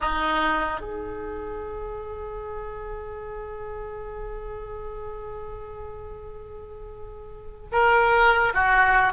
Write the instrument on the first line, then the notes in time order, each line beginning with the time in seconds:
oboe
0.00 D#4
0.80 G#4
7.72 A#4
8.54 F#4